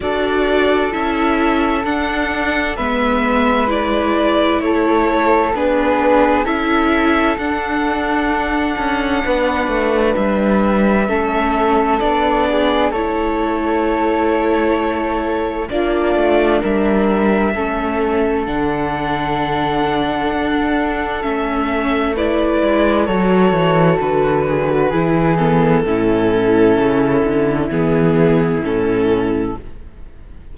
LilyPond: <<
  \new Staff \with { instrumentName = "violin" } { \time 4/4 \tempo 4 = 65 d''4 e''4 fis''4 e''4 | d''4 cis''4 b'4 e''4 | fis''2. e''4~ | e''4 d''4 cis''2~ |
cis''4 d''4 e''2 | fis''2. e''4 | d''4 cis''4 b'4. a'8~ | a'2 gis'4 a'4 | }
  \new Staff \with { instrumentName = "flute" } { \time 4/4 a'2. b'4~ | b'4 a'4 gis'4 a'4~ | a'2 b'2 | a'4. gis'8 a'2~ |
a'4 f'4 ais'4 a'4~ | a'1 | b'4 a'4. gis'16 fis'16 gis'4 | e'1 | }
  \new Staff \with { instrumentName = "viola" } { \time 4/4 fis'4 e'4 d'4 b4 | e'2 d'4 e'4 | d'1 | cis'4 d'4 e'2~ |
e'4 d'2 cis'4 | d'2. cis'4 | e'4 fis'2 e'8 b8 | cis'2 b4 cis'4 | }
  \new Staff \with { instrumentName = "cello" } { \time 4/4 d'4 cis'4 d'4 gis4~ | gis4 a4 b4 cis'4 | d'4. cis'8 b8 a8 g4 | a4 b4 a2~ |
a4 ais8 a8 g4 a4 | d2 d'4 a4~ | a8 gis8 fis8 e8 d4 e4 | a,4 cis8 d8 e4 a,4 | }
>>